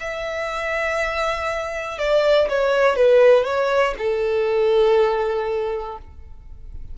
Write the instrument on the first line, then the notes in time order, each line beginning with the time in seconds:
violin
0.00 E5
1.99 D5
2.49 C#5
2.96 B4
3.44 C#5
3.98 A4